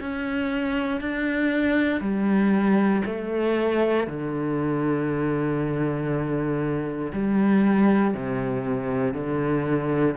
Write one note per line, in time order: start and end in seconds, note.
0.00 1.01 C#4
1.01 2.01 D4
2.01 3.02 G3
3.06 4.07 A3
4.07 7.12 D3
7.13 8.14 G3
8.14 9.14 C3
9.14 10.16 D3